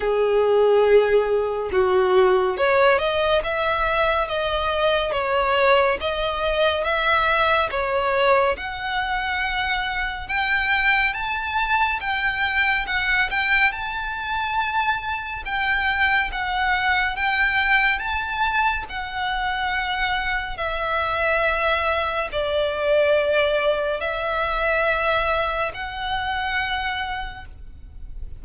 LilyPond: \new Staff \with { instrumentName = "violin" } { \time 4/4 \tempo 4 = 70 gis'2 fis'4 cis''8 dis''8 | e''4 dis''4 cis''4 dis''4 | e''4 cis''4 fis''2 | g''4 a''4 g''4 fis''8 g''8 |
a''2 g''4 fis''4 | g''4 a''4 fis''2 | e''2 d''2 | e''2 fis''2 | }